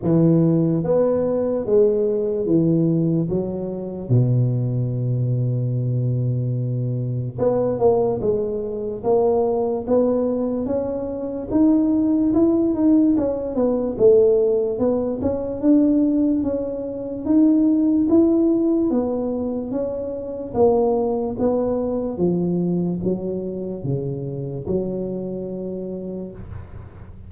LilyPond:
\new Staff \with { instrumentName = "tuba" } { \time 4/4 \tempo 4 = 73 e4 b4 gis4 e4 | fis4 b,2.~ | b,4 b8 ais8 gis4 ais4 | b4 cis'4 dis'4 e'8 dis'8 |
cis'8 b8 a4 b8 cis'8 d'4 | cis'4 dis'4 e'4 b4 | cis'4 ais4 b4 f4 | fis4 cis4 fis2 | }